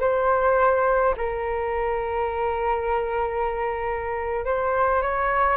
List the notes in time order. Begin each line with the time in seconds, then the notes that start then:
0.00 C5
1.17 A#4
4.45 C5
5.02 C#5